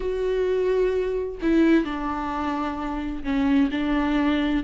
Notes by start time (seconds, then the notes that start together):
0.00 F#4
1.41 E4
1.84 D4
3.23 C#4
3.71 D4